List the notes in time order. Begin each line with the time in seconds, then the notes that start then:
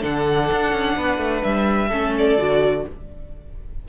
0.00 D3 D4 A4 F#5
0.52 D4
0.72 C#4
0.96 B3 B4
1.18 A3
1.43 G3 E5
1.88 A3 C#4 A4
2.17 D5
2.37 D3 F#4